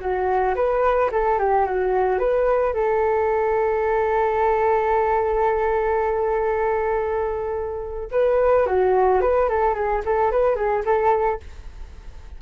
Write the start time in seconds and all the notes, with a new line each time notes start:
0.00 F#4
0.56 B4
1.12 A4
1.39 G4
1.66 F#4
2.19 B4
2.74 A4
8.12 B4
8.67 F#4
9.22 B4
9.49 A4
9.75 G#4
10.06 A4
10.31 B4
10.56 G#4
10.85 A4